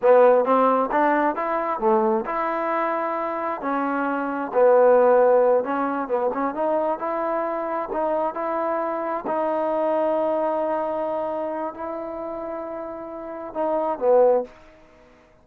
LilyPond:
\new Staff \with { instrumentName = "trombone" } { \time 4/4 \tempo 4 = 133 b4 c'4 d'4 e'4 | a4 e'2. | cis'2 b2~ | b8 cis'4 b8 cis'8 dis'4 e'8~ |
e'4. dis'4 e'4.~ | e'8 dis'2.~ dis'8~ | dis'2 e'2~ | e'2 dis'4 b4 | }